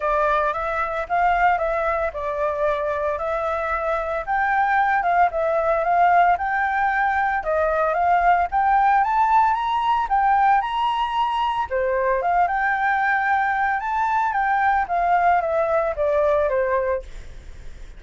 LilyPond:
\new Staff \with { instrumentName = "flute" } { \time 4/4 \tempo 4 = 113 d''4 e''4 f''4 e''4 | d''2 e''2 | g''4. f''8 e''4 f''4 | g''2 dis''4 f''4 |
g''4 a''4 ais''4 g''4 | ais''2 c''4 f''8 g''8~ | g''2 a''4 g''4 | f''4 e''4 d''4 c''4 | }